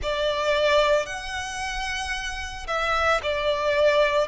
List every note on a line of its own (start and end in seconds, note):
0.02 1.06 D5
1.06 2.66 F#5
2.67 3.20 E5
3.22 4.27 D5